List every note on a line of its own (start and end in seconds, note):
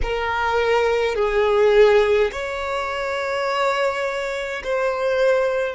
0.02 1.15 A#4
1.15 2.30 G#4
2.31 4.62 C#5
4.63 5.74 C5